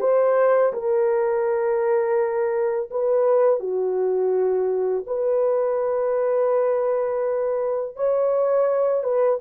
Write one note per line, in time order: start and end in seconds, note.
0.00 0.72 C5
0.72 2.89 A#4
2.90 3.59 B4
3.59 5.04 F#4
5.06 7.96 B4
7.96 9.03 C#5
9.03 9.39 B4